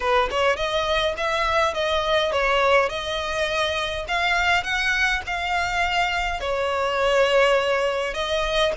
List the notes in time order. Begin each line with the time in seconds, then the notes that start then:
0.00 B4
0.30 C#5
0.56 D#5
1.17 E5
1.73 D#5
2.32 C#5
2.89 D#5
4.08 F5
4.63 F#5
5.26 F5
6.40 C#5
8.14 D#5